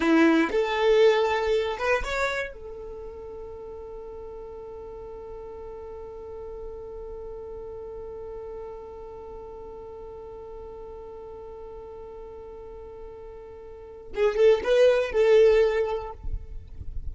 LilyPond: \new Staff \with { instrumentName = "violin" } { \time 4/4 \tempo 4 = 119 e'4 a'2~ a'8 b'8 | cis''4 a'2.~ | a'1~ | a'1~ |
a'1~ | a'1~ | a'1 | gis'8 a'8 b'4 a'2 | }